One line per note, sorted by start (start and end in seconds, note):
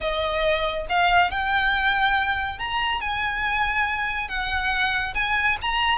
0.00 0.86 D#5
0.89 1.31 F5
1.31 2.58 G5
2.58 3.00 A#5
3.00 4.28 G#5
4.28 5.14 F#5
5.14 5.57 G#5
5.61 5.98 A#5